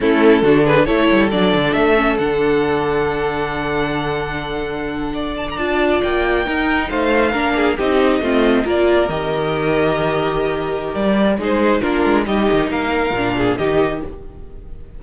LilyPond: <<
  \new Staff \with { instrumentName = "violin" } { \time 4/4 \tempo 4 = 137 a'4. b'8 cis''4 d''4 | e''4 fis''2.~ | fis''1~ | fis''16 a''16 ais''16 a''4 g''2 f''16~ |
f''4.~ f''16 dis''2 d''16~ | d''8. dis''2.~ dis''16~ | dis''4 d''4 c''4 ais'4 | dis''4 f''2 dis''4 | }
  \new Staff \with { instrumentName = "violin" } { \time 4/4 e'4 fis'8 gis'8 a'2~ | a'1~ | a'2.~ a'8. d''16~ | d''2~ d''8. ais'4 c''16~ |
c''8. ais'8 gis'8 g'4 f'4 ais'16~ | ais'1~ | ais'2 gis'4 f'4 | g'4 ais'4. gis'8 g'4 | }
  \new Staff \with { instrumentName = "viola" } { \time 4/4 cis'4 d'4 e'4 d'4~ | d'8 cis'8 d'2.~ | d'1~ | d'8. f'2 dis'4~ dis'16~ |
dis'8. d'4 dis'4 c'4 f'16~ | f'8. g'2.~ g'16~ | g'2 dis'4 d'4 | dis'2 d'4 dis'4 | }
  \new Staff \with { instrumentName = "cello" } { \time 4/4 a4 d4 a8 g8 fis8 d8 | a4 d2.~ | d1~ | d8. d'4 ais4 dis'4 a16~ |
a8. ais4 c'4 a4 ais16~ | ais8. dis2.~ dis16~ | dis4 g4 gis4 ais8 gis8 | g8 dis8 ais4 ais,4 dis4 | }
>>